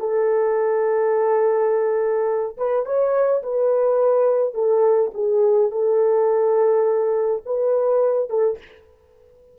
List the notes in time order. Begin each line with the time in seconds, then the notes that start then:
0.00 A4
2.57 B4
2.86 C#5
3.43 B4
4.54 A4
5.14 G#4
5.71 A4
7.46 B4
8.30 A4